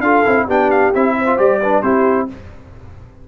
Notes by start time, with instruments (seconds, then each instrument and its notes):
0.00 tuba D4, trombone F4, horn A4, trumpet F5
0.25 tuba C4, trombone E4
0.46 tuba B3, trombone D4, horn G4, trumpet G5
0.70 trumpet F5
0.94 tuba C4, trombone E4, trumpet E5
1.18 horn C5
1.26 trombone F4
1.37 tuba G3, trombone G4, trumpet D5
1.61 trombone D4, horn B4
1.82 tuba C4, trombone E4, horn G4, trumpet C5